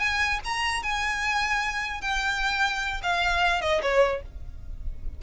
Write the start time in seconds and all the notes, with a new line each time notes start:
0.00 G#5
0.45 A#5
0.83 G#5
2.02 G5
3.03 F5
3.62 D#5
3.83 C#5